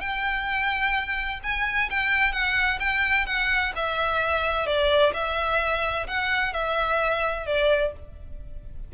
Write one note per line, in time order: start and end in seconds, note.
0.00 1.40 G5
1.43 1.89 G#5
1.89 2.32 G5
2.32 2.78 F#5
2.79 3.26 G5
3.26 3.72 F#5
3.75 4.66 E5
4.66 5.12 D5
5.13 6.06 E5
6.07 6.53 F#5
6.53 7.46 E5
7.46 7.92 D5